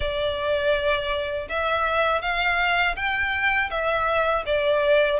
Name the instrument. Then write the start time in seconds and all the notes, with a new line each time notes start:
violin
0.00 D5
1.48 E5
2.21 F5
2.96 G5
3.70 E5
4.45 D5